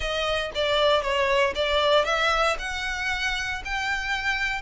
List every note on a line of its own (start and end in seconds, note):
0.00 0.51 D#5
0.54 1.02 D5
1.02 1.53 C#5
1.55 2.04 D5
2.04 2.56 E5
2.58 3.62 F#5
3.65 4.61 G5